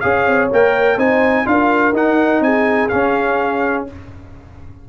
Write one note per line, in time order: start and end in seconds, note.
0.00 0.27 C#4
0.00 0.50 G#4
0.00 0.97 C#5
0.00 0.48 F5
0.27 0.51 C4
0.52 0.97 A#3
0.52 0.98 A#4
0.52 0.99 G5
0.97 1.45 C4
0.97 1.45 D#4
0.97 1.46 C5
0.97 1.47 G#5
1.45 1.92 D4
1.45 1.93 F4
1.45 2.44 A#4
1.45 1.95 F5
1.92 2.40 D#4
1.92 2.90 D#4
1.92 2.43 F#5
2.40 2.88 C4
2.40 3.88 G#4
2.40 2.89 G#5
2.89 3.87 C#4
2.89 3.89 C#4
2.89 3.85 F5